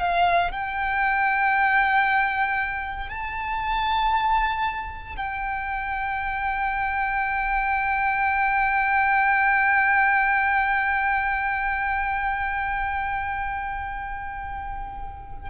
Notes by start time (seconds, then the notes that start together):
0.00 F5
0.52 G5
3.09 A5
5.17 G5